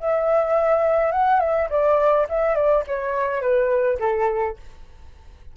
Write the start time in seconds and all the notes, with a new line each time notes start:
0.00 E5
1.12 F#5
1.40 E5
1.70 D5
2.30 E5
2.56 D5
2.88 C#5
3.42 B4
4.00 A4